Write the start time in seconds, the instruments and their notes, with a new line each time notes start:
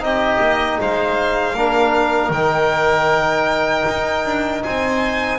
0.00 double bass C4, trombone D#4, oboe G4, violin D#5
0.40 double bass A#3
0.81 double bass G#3, oboe C5, violin F5
1.54 double bass A#3, trombone D4, oboe A#4
2.30 double bass D#3, trombone D#4, violin G5
3.89 double bass D#4
4.25 double bass D4
4.64 double bass C4, oboe C5, violin G#5